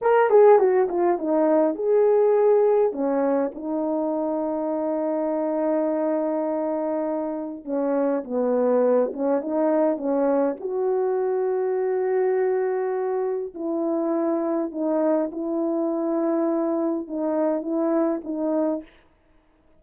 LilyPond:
\new Staff \with { instrumentName = "horn" } { \time 4/4 \tempo 4 = 102 ais'8 gis'8 fis'8 f'8 dis'4 gis'4~ | gis'4 cis'4 dis'2~ | dis'1~ | dis'4 cis'4 b4. cis'8 |
dis'4 cis'4 fis'2~ | fis'2. e'4~ | e'4 dis'4 e'2~ | e'4 dis'4 e'4 dis'4 | }